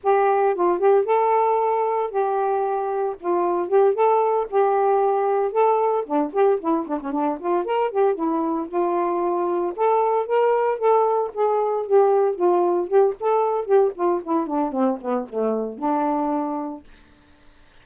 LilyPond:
\new Staff \with { instrumentName = "saxophone" } { \time 4/4 \tempo 4 = 114 g'4 f'8 g'8 a'2 | g'2 f'4 g'8 a'8~ | a'8 g'2 a'4 d'8 | g'8 e'8 d'16 cis'16 d'8 f'8 ais'8 g'8 e'8~ |
e'8 f'2 a'4 ais'8~ | ais'8 a'4 gis'4 g'4 f'8~ | f'8 g'8 a'4 g'8 f'8 e'8 d'8 | c'8 b8 a4 d'2 | }